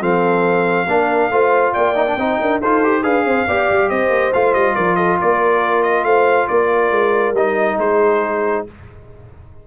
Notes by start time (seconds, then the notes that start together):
0.00 F3 C4 A4 F5
0.87 A#3 D4 A#4
1.30 A3 F4 C5
1.73 A#3 D5 G5
1.95 D#4
2.07 D4
2.17 C4 D#4 C5
2.40 D4 A#4
2.60 D#4 F4 A4 C5
2.84 G4
3.02 D4 G#4 B4 F5
3.25 C4 C5
3.47 B3 G4 D5
3.70 G3
3.89 C4 C5 D#5
4.09 A#3
4.33 A3 F4 F5
4.54 G3 D#5
4.75 F3 A#4 D5
4.96 A4 D#5
5.18 A#3 A#4 D5
5.83 D#5
6.04 A3 C5 F5
6.48 A#3 A#4 D5
6.91 G#3
7.32 G3 D#4 D#5
7.78 G#3 G#4 C5